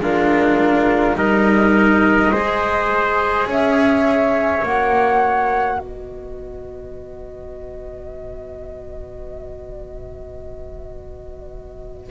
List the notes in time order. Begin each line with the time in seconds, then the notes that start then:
0.00 G#3 D4 F4 A#4
1.16 G3 D#4 A#4 D#5
2.32 G#3 G#4 C5
3.47 C#4 C#5 E5
4.63 A#3 F#4 F#5
5.76 B3 B4 D#5